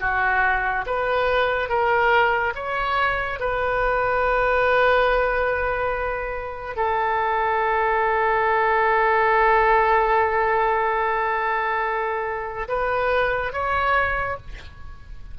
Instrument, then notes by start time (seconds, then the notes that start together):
oboe
0.00 F#4
0.86 B4
1.69 A#4
2.55 C#5
3.39 B4
6.76 A4
12.68 B4
13.52 C#5